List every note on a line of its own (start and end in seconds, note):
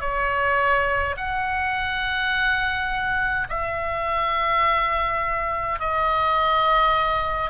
0.00 1.15 C#5
1.17 3.48 F#5
3.49 5.80 E5
5.80 7.50 D#5